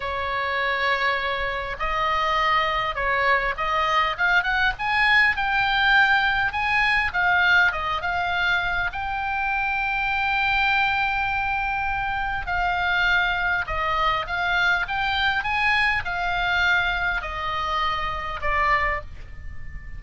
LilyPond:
\new Staff \with { instrumentName = "oboe" } { \time 4/4 \tempo 4 = 101 cis''2. dis''4~ | dis''4 cis''4 dis''4 f''8 fis''8 | gis''4 g''2 gis''4 | f''4 dis''8 f''4. g''4~ |
g''1~ | g''4 f''2 dis''4 | f''4 g''4 gis''4 f''4~ | f''4 dis''2 d''4 | }